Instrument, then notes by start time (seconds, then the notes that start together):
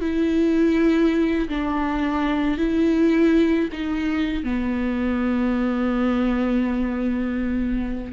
viola
0.00 E4
1.49 D4
2.58 E4
3.72 D#4
4.43 B3